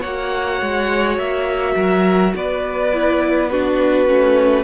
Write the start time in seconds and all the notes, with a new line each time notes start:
0.00 A#3 F#4 C#5 F#5
0.62 G#3
1.18 A#3 E5
1.76 F#3 A#4
2.35 B3 B4 D5
2.93 E4
3.50 D4 F#4 B4
4.07 A3 C#4